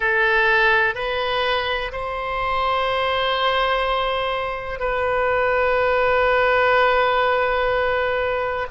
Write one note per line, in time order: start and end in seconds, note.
0.00 0.94 A4
0.94 1.91 B4
1.91 4.79 C5
4.79 8.66 B4